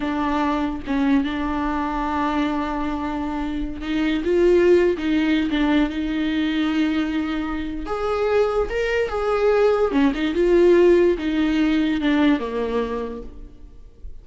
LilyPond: \new Staff \with { instrumentName = "viola" } { \time 4/4 \tempo 4 = 145 d'2 cis'4 d'4~ | d'1~ | d'4~ d'16 dis'4 f'4.~ f'16 | dis'4~ dis'16 d'4 dis'4.~ dis'16~ |
dis'2. gis'4~ | gis'4 ais'4 gis'2 | cis'8 dis'8 f'2 dis'4~ | dis'4 d'4 ais2 | }